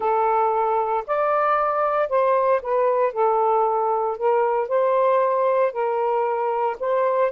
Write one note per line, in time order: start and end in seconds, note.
0.00 1.04 A4
1.06 2.09 D5
2.09 2.61 C5
2.62 3.13 B4
3.13 4.17 A4
4.17 4.68 A#4
4.68 5.72 C5
5.72 6.76 A#4
6.79 7.31 C5